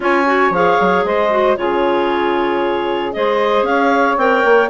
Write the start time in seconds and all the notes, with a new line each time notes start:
0.00 C#4 F4 C#5 G#5
0.25 F#4
0.50 F3 G#4 F5
0.80 F#3
1.04 G#3 C5 D#5
1.30 F#4
1.56 C#3 F4 G#4 C#5
3.12 G#3 G#4 C5 D#5
3.62 C#4 C#5 F5
4.17 C4 A#4 G5
4.44 A#3